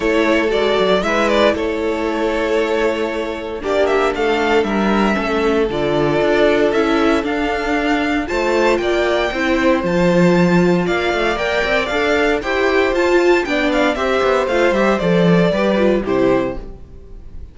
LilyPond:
<<
  \new Staff \with { instrumentName = "violin" } { \time 4/4 \tempo 4 = 116 cis''4 d''4 e''8 d''8 cis''4~ | cis''2. d''8 e''8 | f''4 e''2 d''4~ | d''4 e''4 f''2 |
a''4 g''2 a''4~ | a''4 f''4 g''4 f''4 | g''4 a''4 g''8 f''8 e''4 | f''8 e''8 d''2 c''4 | }
  \new Staff \with { instrumentName = "violin" } { \time 4/4 a'2 b'4 a'4~ | a'2. g'4 | a'4 ais'4 a'2~ | a'1 |
c''4 d''4 c''2~ | c''4 d''2. | c''2 d''4 c''4~ | c''2 b'4 g'4 | }
  \new Staff \with { instrumentName = "viola" } { \time 4/4 e'4 fis'4 e'2~ | e'2. d'4~ | d'2 cis'4 f'4~ | f'4 e'4 d'2 |
f'2 e'4 f'4~ | f'2 ais'4 a'4 | g'4 f'4 d'4 g'4 | f'8 g'8 a'4 g'8 f'8 e'4 | }
  \new Staff \with { instrumentName = "cello" } { \time 4/4 a4 gis8 fis8 gis4 a4~ | a2. ais4 | a4 g4 a4 d4 | d'4 cis'4 d'2 |
a4 ais4 c'4 f4~ | f4 ais8 a8 ais8 c'8 d'4 | e'4 f'4 b4 c'8 b8 | a8 g8 f4 g4 c4 | }
>>